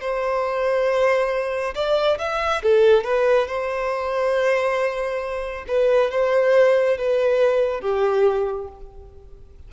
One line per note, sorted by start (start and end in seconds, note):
0.00 1.74 C5
1.74 2.18 D5
2.18 2.62 E5
2.62 3.04 A4
3.04 3.47 B4
3.47 5.65 C5
5.67 6.10 B4
6.10 6.97 C5
6.97 7.81 B4
7.81 8.68 G4